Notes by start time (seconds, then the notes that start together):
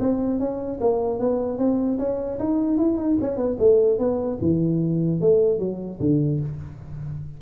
0.00 C4
0.39 C#4
0.81 A#3
1.19 B3
1.58 C4
1.99 C#4
2.39 D#4
2.78 E4
2.97 D#4
3.21 C#4
3.37 B3
3.59 A3
3.99 B3
4.41 E3
5.21 A3
5.59 F#3
6.00 D3